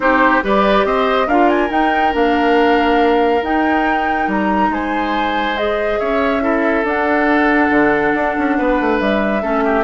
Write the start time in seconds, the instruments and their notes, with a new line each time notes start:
0.00 bassoon C4, clarinet D#4, oboe G4, flute C5
0.42 bassoon G3, clarinet G4, oboe B4, flute D5
0.85 bassoon C4, oboe C5, flute D#5
1.27 bassoon D4, clarinet F4, oboe A#4, flute F5
1.49 flute G#5
1.69 clarinet D#4, bassoon D#4, flute G5
2.12 bassoon A#3, clarinet D4, flute F5
3.41 bassoon D#4, clarinet D#4, flute G5
4.27 bassoon G3, flute A#5
4.69 bassoon G#3, oboe C5, flute G#5
5.55 clarinet G#4, flute D#5
5.99 bassoon C#4, oboe C#5, flute E5
6.40 clarinet E4, oboe A4
6.83 bassoon D4, clarinet D4, flute F#5
7.70 bassoon D3
8.14 bassoon D4
8.38 bassoon C#4
8.57 bassoon B3, oboe B4
8.80 bassoon A3
8.99 bassoon G3, flute E5
9.41 bassoon A3, clarinet C#4, oboe A4
9.64 oboe G4